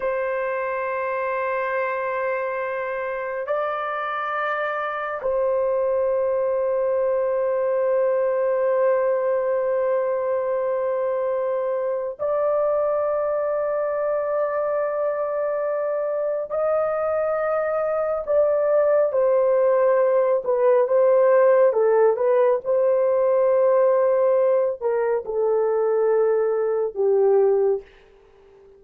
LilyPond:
\new Staff \with { instrumentName = "horn" } { \time 4/4 \tempo 4 = 69 c''1 | d''2 c''2~ | c''1~ | c''2 d''2~ |
d''2. dis''4~ | dis''4 d''4 c''4. b'8 | c''4 a'8 b'8 c''2~ | c''8 ais'8 a'2 g'4 | }